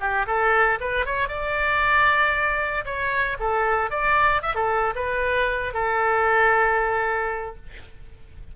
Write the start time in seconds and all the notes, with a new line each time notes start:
0.00 G4
0.27 A4
0.80 B4
1.06 C#5
1.29 D5
2.85 C#5
3.40 A4
3.91 D5
4.42 E5
4.55 A4
4.95 B4
5.74 A4